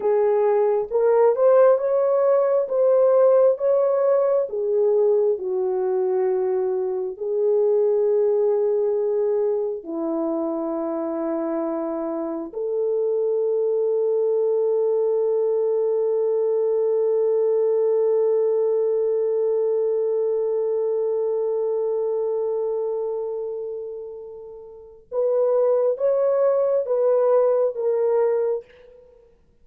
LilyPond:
\new Staff \with { instrumentName = "horn" } { \time 4/4 \tempo 4 = 67 gis'4 ais'8 c''8 cis''4 c''4 | cis''4 gis'4 fis'2 | gis'2. e'4~ | e'2 a'2~ |
a'1~ | a'1~ | a'1 | b'4 cis''4 b'4 ais'4 | }